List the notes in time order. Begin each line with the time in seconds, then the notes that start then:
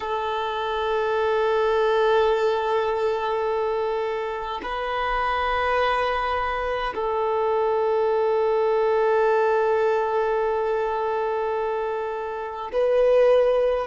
0.00 A4
4.62 B4
6.94 A4
12.72 B4